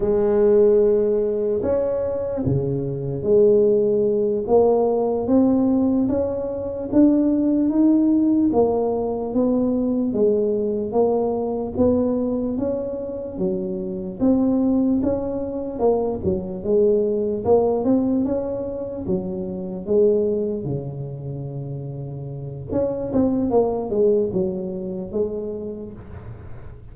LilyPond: \new Staff \with { instrumentName = "tuba" } { \time 4/4 \tempo 4 = 74 gis2 cis'4 cis4 | gis4. ais4 c'4 cis'8~ | cis'8 d'4 dis'4 ais4 b8~ | b8 gis4 ais4 b4 cis'8~ |
cis'8 fis4 c'4 cis'4 ais8 | fis8 gis4 ais8 c'8 cis'4 fis8~ | fis8 gis4 cis2~ cis8 | cis'8 c'8 ais8 gis8 fis4 gis4 | }